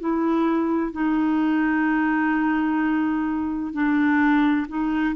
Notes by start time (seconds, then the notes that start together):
0.00 E4
0.92 D#4
3.73 D4
4.68 D#4